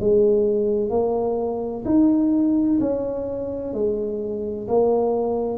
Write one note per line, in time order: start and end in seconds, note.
0.00 0.90 G#3
0.90 1.84 A#3
1.85 2.79 D#4
2.80 3.74 C#4
3.74 4.67 G#3
4.68 5.58 A#3